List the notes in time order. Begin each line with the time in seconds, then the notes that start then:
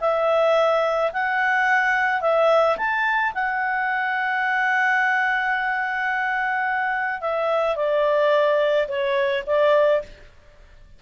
0.00 E5
1.12 F#5
2.21 E5
2.77 A5
3.34 F#5
7.20 E5
7.76 D5
8.88 C#5
9.46 D5